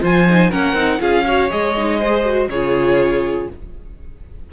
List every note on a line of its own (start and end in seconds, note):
0.00 0.52 F3
0.00 0.25 F4
0.00 0.50 C5
0.00 0.51 G#5
0.29 0.51 D#4
0.50 0.73 A#3
0.50 0.75 C#4
0.50 1.00 A#4
0.50 1.01 F#5
0.73 0.98 C4
0.73 0.99 D#4
0.99 1.51 C#4
0.99 1.24 F4
0.99 1.25 G#4
0.99 1.50 F5
1.26 1.50 F#4
1.26 1.99 C#5
1.50 2.48 G#3
1.50 1.74 G#4
1.50 2.49 D#5
1.77 2.01 D#4
1.99 2.25 G#4
1.99 2.49 C5
2.25 2.49 F#4
2.48 3.47 C#3
2.48 3.52 F4
2.48 3.49 G#4
2.48 3.49 C#5